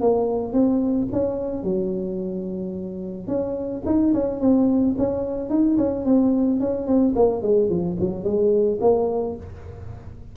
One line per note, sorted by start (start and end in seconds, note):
0.00 0.53 A#3
0.53 1.08 C4
1.12 1.63 C#4
1.63 3.28 F#3
3.28 3.83 C#4
3.86 4.13 D#4
4.14 4.40 C#4
4.40 4.95 C4
4.98 5.49 C#4
5.49 5.77 D#4
5.77 6.05 C#4
6.05 6.60 C4
6.60 6.87 C#4
6.87 7.14 C4
7.15 7.42 A#3
7.42 7.69 G#3
7.69 7.97 F3
8.00 8.24 F#3
8.24 8.79 G#3
8.81 9.36 A#3